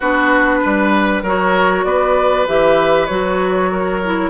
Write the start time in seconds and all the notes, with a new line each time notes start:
0.00 B3 D4 F#4 B4
0.60 G3 B4
1.22 F#3 F#4 A#4 C#5
1.84 B3 B4 D5
2.46 E3 G4 E5
3.06 F#3 F#4 C#5
3.71 A#4
4.04 E4